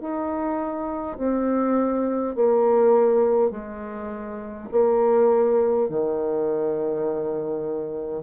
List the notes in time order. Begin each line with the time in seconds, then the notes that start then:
0.00 D#4
1.17 C4
2.35 A#3
3.51 G#3
4.72 A#3
5.89 D#3